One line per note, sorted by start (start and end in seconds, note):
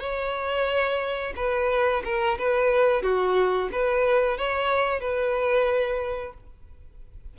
0.00 1.33 C#5
1.36 2.02 B4
2.04 2.38 A#4
2.38 3.02 B4
3.02 3.69 F#4
3.72 4.37 B4
4.37 5.00 C#5
5.00 6.33 B4